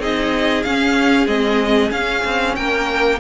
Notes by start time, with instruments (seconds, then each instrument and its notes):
0.00 cello C4, viola D#4, violin G#4 D#5
0.63 cello C#4, viola C#4, violin F5
1.27 cello G#3, viola C4, violin D#5
1.90 viola C#4, cello C#4, violin F5
2.25 cello C4
2.56 cello A#3, violin A#4 G5